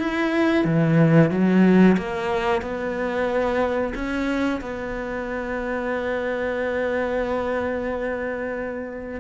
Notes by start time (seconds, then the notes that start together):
0.00 E4
0.65 E3
1.31 F#3
1.98 A#3
2.62 B3
3.95 C#4
4.61 B3